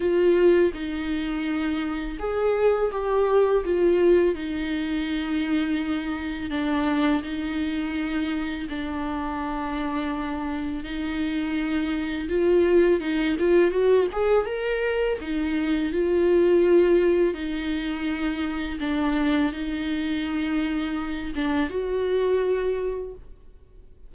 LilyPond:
\new Staff \with { instrumentName = "viola" } { \time 4/4 \tempo 4 = 83 f'4 dis'2 gis'4 | g'4 f'4 dis'2~ | dis'4 d'4 dis'2 | d'2. dis'4~ |
dis'4 f'4 dis'8 f'8 fis'8 gis'8 | ais'4 dis'4 f'2 | dis'2 d'4 dis'4~ | dis'4. d'8 fis'2 | }